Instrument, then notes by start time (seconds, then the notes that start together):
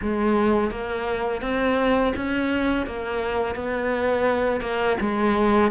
cello
0.02 G#3
0.70 A#3
1.41 C4
2.16 C#4
2.86 A#3
3.55 B3
4.61 A#3
5.00 G#3